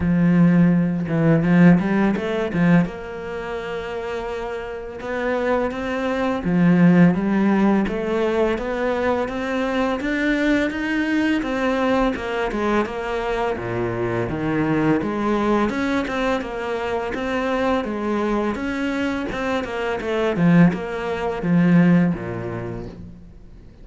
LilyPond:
\new Staff \with { instrumentName = "cello" } { \time 4/4 \tempo 4 = 84 f4. e8 f8 g8 a8 f8 | ais2. b4 | c'4 f4 g4 a4 | b4 c'4 d'4 dis'4 |
c'4 ais8 gis8 ais4 ais,4 | dis4 gis4 cis'8 c'8 ais4 | c'4 gis4 cis'4 c'8 ais8 | a8 f8 ais4 f4 ais,4 | }